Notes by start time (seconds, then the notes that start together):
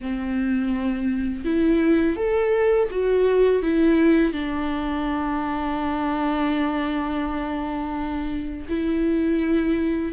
0.00 C4
1.45 E4
2.16 A4
2.90 F#4
3.62 E4
4.32 D4
8.68 E4